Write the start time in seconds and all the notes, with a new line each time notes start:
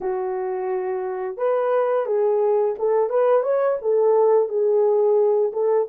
0.00 F#4
1.37 B4
2.05 G#4
2.78 A4
3.09 B4
3.43 C#5
3.81 A4
4.48 G#4
5.53 A4